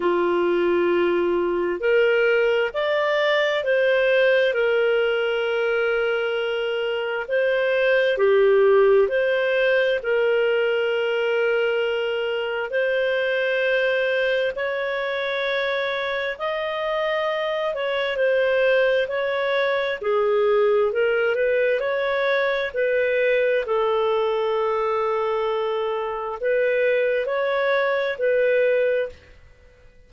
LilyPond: \new Staff \with { instrumentName = "clarinet" } { \time 4/4 \tempo 4 = 66 f'2 ais'4 d''4 | c''4 ais'2. | c''4 g'4 c''4 ais'4~ | ais'2 c''2 |
cis''2 dis''4. cis''8 | c''4 cis''4 gis'4 ais'8 b'8 | cis''4 b'4 a'2~ | a'4 b'4 cis''4 b'4 | }